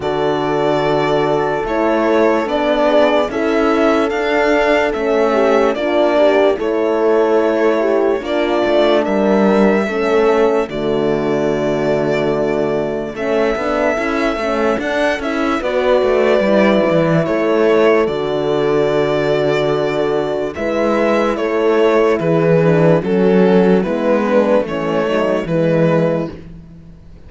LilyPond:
<<
  \new Staff \with { instrumentName = "violin" } { \time 4/4 \tempo 4 = 73 d''2 cis''4 d''4 | e''4 f''4 e''4 d''4 | cis''2 d''4 e''4~ | e''4 d''2. |
e''2 fis''8 e''8 d''4~ | d''4 cis''4 d''2~ | d''4 e''4 cis''4 b'4 | a'4 b'4 cis''4 b'4 | }
  \new Staff \with { instrumentName = "horn" } { \time 4/4 a'2.~ a'8 gis'8 | a'2~ a'8 g'8 f'8 g'8 | a'4. g'8 f'4 ais'4 | a'4 fis'2. |
a'2. b'4~ | b'4 a'2.~ | a'4 b'4 a'4 gis'4 | fis'4 e'8 d'8 cis'8 dis'8 e'4 | }
  \new Staff \with { instrumentName = "horn" } { \time 4/4 fis'2 e'4 d'4 | e'4 d'4 cis'4 d'4 | e'2 d'2 | cis'4 a2. |
cis'8 d'8 e'8 cis'8 d'8 e'8 fis'4 | e'2 fis'2~ | fis'4 e'2~ e'8 d'8 | cis'4 b4 e8 fis8 gis4 | }
  \new Staff \with { instrumentName = "cello" } { \time 4/4 d2 a4 b4 | cis'4 d'4 a4 ais4 | a2 ais8 a8 g4 | a4 d2. |
a8 b8 cis'8 a8 d'8 cis'8 b8 a8 | g8 e8 a4 d2~ | d4 gis4 a4 e4 | fis4 gis4 a4 e4 | }
>>